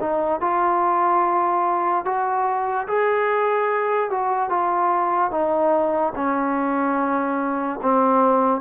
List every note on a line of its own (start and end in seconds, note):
0.00 0.41 D#4
0.41 2.05 F4
2.05 2.87 F#4
2.88 4.10 G#4
4.10 4.49 F#4
4.49 5.31 F4
5.31 6.13 D#4
6.16 7.80 C#4
7.82 8.61 C4